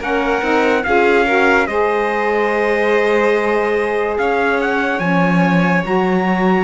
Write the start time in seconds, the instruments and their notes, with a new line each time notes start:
0.00 cello A#3, saxophone C#4, violin A#4, trumpet F#5
0.42 cello C4, saxophone D#4
0.84 cello C#4, saxophone F4, violin G#4, trumpet F5
1.26 saxophone F#4, violin A#4
1.67 cello G#3, saxophone G#4, violin C5, trumpet D#5
4.18 cello C#4, violin C#5, trumpet F5
4.62 trumpet F#5
4.99 cello F3, saxophone C#4, trumpet G#5
5.84 cello F#3, saxophone F#4, trumpet A#5